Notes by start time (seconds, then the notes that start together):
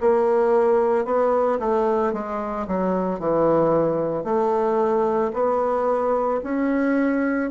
0.00 A#3
1.05 B3
1.59 A3
2.13 G#3
2.67 F#3
3.19 E3
4.24 A3
5.33 B3
6.43 C#4